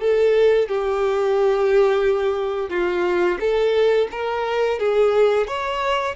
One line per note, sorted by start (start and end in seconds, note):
0.00 0.68 A4
0.68 2.70 G4
2.70 3.38 F4
3.40 4.08 A4
4.11 4.79 A#4
4.79 5.47 G#4
5.47 6.15 C#5